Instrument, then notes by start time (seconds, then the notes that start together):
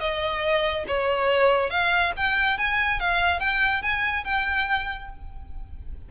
violin
0.00 D#5
0.87 C#5
1.70 F5
2.16 G5
2.58 G#5
3.00 F5
3.40 G5
3.82 G#5
4.24 G5